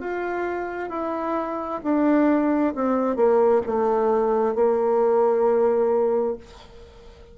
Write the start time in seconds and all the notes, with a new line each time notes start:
0.00 F4
0.89 E4
1.83 D4
2.75 C4
3.16 A#3
3.66 A3
4.55 A#3